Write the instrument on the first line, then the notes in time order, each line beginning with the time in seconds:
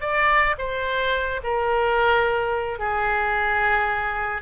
oboe
0.00 D5
0.58 C5
1.43 A#4
2.78 G#4